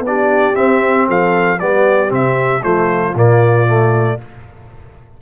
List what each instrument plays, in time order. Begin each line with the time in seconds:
0.00 tuba B3
0.07 trombone D4, horn G4, trumpet D5
0.54 trombone C4, tuba C4, trumpet E5
1.08 tuba F3, horn A4, trumpet F5
1.60 tuba G3, trombone B3, horn G4, trumpet D5
2.08 tuba C3, trombone C4, trumpet E5
2.63 tuba F3, trombone A3, horn F4, trumpet C5
3.15 tuba A#2, trombone A#3, trumpet D5
3.67 trombone A3